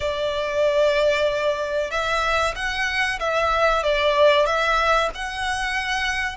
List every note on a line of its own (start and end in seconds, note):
0.00 1.90 D5
1.90 2.54 E5
2.55 3.19 F#5
3.19 3.83 E5
3.83 4.45 D5
4.45 5.09 E5
5.14 6.36 F#5